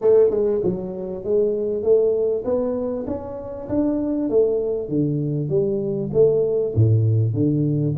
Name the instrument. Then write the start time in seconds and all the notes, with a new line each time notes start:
tuba
0.01 A3
0.30 G#3
0.63 F#3
1.24 G#3
1.82 A3
2.44 B3
3.07 C#4
3.68 D4
4.29 A3
4.88 D3
5.49 G3
6.13 A3
6.75 A2
7.33 D3